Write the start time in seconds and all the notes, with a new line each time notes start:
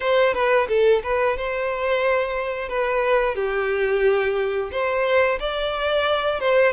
0.00 C5
0.34 B4
0.68 A4
1.03 B4
1.37 C5
2.68 B4
3.35 G4
4.71 C5
5.39 D5
6.40 C5